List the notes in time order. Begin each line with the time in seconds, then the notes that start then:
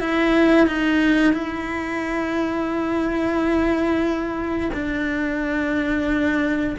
0.00 E4
0.67 D#4
1.33 E4
4.73 D4